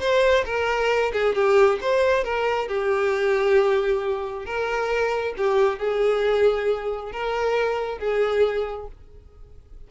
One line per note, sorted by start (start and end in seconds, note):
0.00 0.44 C5
0.45 1.12 A#4
1.13 1.35 G#4
1.35 1.79 G4
1.81 2.24 C5
2.24 2.68 A#4
2.68 4.45 G4
4.45 5.34 A#4
5.37 5.79 G4
5.79 7.12 G#4
7.12 7.98 A#4
7.98 8.87 G#4